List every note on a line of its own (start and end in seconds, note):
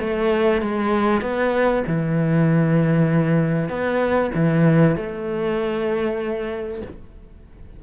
0.00 0.62 A3
0.62 1.22 G#3
1.22 1.84 B3
1.87 3.69 E3
3.69 4.31 B3
4.35 4.97 E3
4.97 6.82 A3